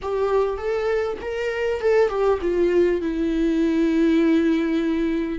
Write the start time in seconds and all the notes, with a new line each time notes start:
0.02 G4
0.57 A4
1.21 A#4
1.80 A4
2.08 G4
2.41 F4
3.01 E4